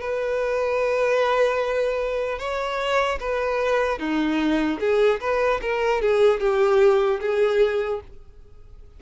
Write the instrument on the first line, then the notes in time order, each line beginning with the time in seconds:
violin
0.00 B4
2.39 C#5
3.20 B4
3.99 D#4
4.80 G#4
5.20 B4
5.61 A#4
6.01 G#4
6.40 G4
7.20 G#4